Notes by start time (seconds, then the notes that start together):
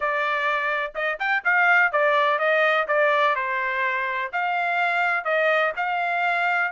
0.00 D5
0.94 D#5
1.19 G5
1.44 F5
1.91 D5
2.39 D#5
2.87 D5
3.35 C5
4.32 F5
5.24 D#5
5.76 F5